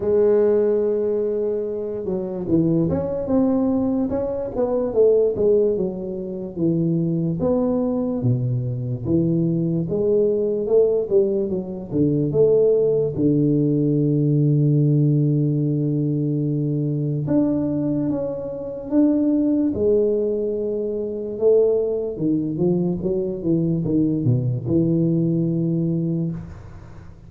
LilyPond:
\new Staff \with { instrumentName = "tuba" } { \time 4/4 \tempo 4 = 73 gis2~ gis8 fis8 e8 cis'8 | c'4 cis'8 b8 a8 gis8 fis4 | e4 b4 b,4 e4 | gis4 a8 g8 fis8 d8 a4 |
d1~ | d4 d'4 cis'4 d'4 | gis2 a4 dis8 f8 | fis8 e8 dis8 b,8 e2 | }